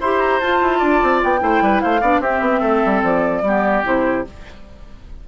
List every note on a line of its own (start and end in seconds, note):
0.00 0.41 E4
0.00 0.41 G4
0.00 0.78 C5
0.00 0.19 C6
0.19 0.40 A#5
0.40 0.61 F4
0.40 1.38 F4
0.40 1.21 A5
0.61 0.81 E4
0.78 1.02 D4
0.78 1.39 D5
1.02 1.22 C4
1.23 1.41 B3
1.23 1.81 G5
1.38 1.61 A3
1.38 1.99 E4
1.38 1.63 C5
1.61 1.81 G3
1.61 1.82 B4
1.81 2.01 A3
1.81 2.00 C5
1.81 2.21 F5
2.00 2.20 B3
2.00 2.22 D4
2.00 2.21 D5
2.20 2.40 C4
2.20 3.44 C4
2.20 2.60 G4
2.20 3.03 E5
2.40 2.60 B3
2.60 2.83 A3
2.60 3.41 A4
2.85 3.02 G3
3.02 3.42 F3
3.02 3.84 D5
3.42 3.82 G3
3.42 3.84 B3
3.42 4.28 G4
3.84 4.26 C3
3.84 4.24 E4
3.84 4.27 C5